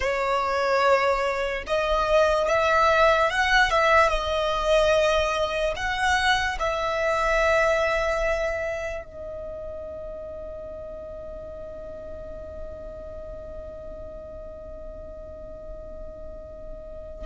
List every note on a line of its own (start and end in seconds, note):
0.00 1.63 C#5
1.66 2.47 D#5
2.47 3.30 E5
3.30 3.70 F#5
3.70 4.09 E5
4.09 5.73 D#5
5.75 6.58 F#5
6.59 9.04 E5
9.04 17.25 D#5